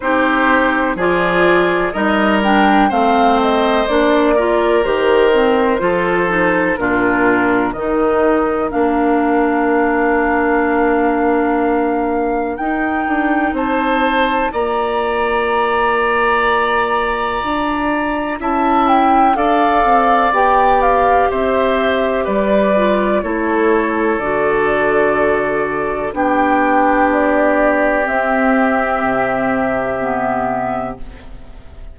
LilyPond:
<<
  \new Staff \with { instrumentName = "flute" } { \time 4/4 \tempo 4 = 62 c''4 d''4 dis''8 g''8 f''8 dis''8 | d''4 c''2 ais'4 | dis''4 f''2.~ | f''4 g''4 a''4 ais''4~ |
ais''2. a''8 g''8 | f''4 g''8 f''8 e''4 d''4 | cis''4 d''2 g''4 | d''4 e''2. | }
  \new Staff \with { instrumentName = "oboe" } { \time 4/4 g'4 gis'4 ais'4 c''4~ | c''8 ais'4. a'4 f'4 | ais'1~ | ais'2 c''4 d''4~ |
d''2. e''4 | d''2 c''4 b'4 | a'2. g'4~ | g'1 | }
  \new Staff \with { instrumentName = "clarinet" } { \time 4/4 dis'4 f'4 dis'8 d'8 c'4 | d'8 f'8 g'8 c'8 f'8 dis'8 d'4 | dis'4 d'2.~ | d'4 dis'2 f'4~ |
f'2. e'4 | a'4 g'2~ g'8 f'8 | e'4 fis'2 d'4~ | d'4 c'2 b4 | }
  \new Staff \with { instrumentName = "bassoon" } { \time 4/4 c'4 f4 g4 a4 | ais4 dis4 f4 ais,4 | dis4 ais2.~ | ais4 dis'8 d'8 c'4 ais4~ |
ais2 d'4 cis'4 | d'8 c'8 b4 c'4 g4 | a4 d2 b4~ | b4 c'4 c2 | }
>>